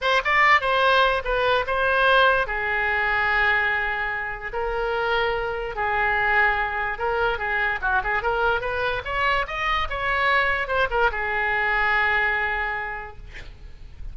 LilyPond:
\new Staff \with { instrumentName = "oboe" } { \time 4/4 \tempo 4 = 146 c''8 d''4 c''4. b'4 | c''2 gis'2~ | gis'2. ais'4~ | ais'2 gis'2~ |
gis'4 ais'4 gis'4 fis'8 gis'8 | ais'4 b'4 cis''4 dis''4 | cis''2 c''8 ais'8 gis'4~ | gis'1 | }